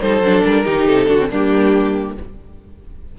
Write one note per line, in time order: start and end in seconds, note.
0.00 0.22 G3
0.00 0.23 D#4
0.00 0.64 A4
0.00 0.43 C5
0.22 0.43 F#3
0.22 0.65 D4
0.44 0.66 G3
0.44 0.87 A#4
0.64 0.88 D#3
0.64 1.08 D#4
0.64 1.07 G4
0.87 1.09 C3
0.87 1.30 A4
1.07 1.31 D3
1.07 1.18 D4
1.07 1.29 F#4
1.19 1.30 C4
1.31 2.18 G3
1.31 2.16 A#3
1.31 2.16 D4
1.31 2.19 G4